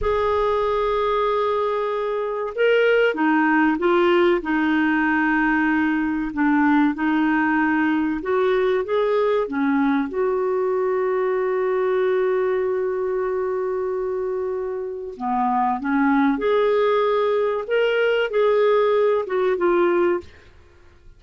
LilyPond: \new Staff \with { instrumentName = "clarinet" } { \time 4/4 \tempo 4 = 95 gis'1 | ais'4 dis'4 f'4 dis'4~ | dis'2 d'4 dis'4~ | dis'4 fis'4 gis'4 cis'4 |
fis'1~ | fis'1 | b4 cis'4 gis'2 | ais'4 gis'4. fis'8 f'4 | }